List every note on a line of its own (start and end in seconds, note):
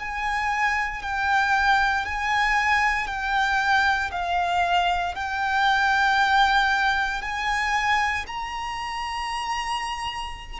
0.00 1.03 G#5
1.03 2.05 G5
2.05 3.08 G#5
3.08 4.11 G5
4.12 5.15 F5
5.15 7.22 G5
7.22 8.26 G#5
8.27 10.60 A#5